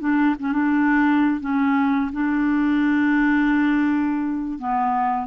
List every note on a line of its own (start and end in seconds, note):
0.00 0.35 D4
0.39 0.52 C#4
0.52 1.40 D4
1.40 2.11 C#4
2.12 4.59 D4
4.59 5.27 B3